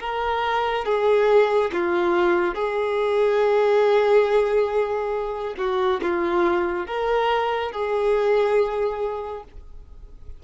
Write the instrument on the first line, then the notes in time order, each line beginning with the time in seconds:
violin
0.00 A#4
0.85 G#4
1.73 F4
2.55 G#4
5.58 F#4
6.02 F4
6.86 A#4
7.72 G#4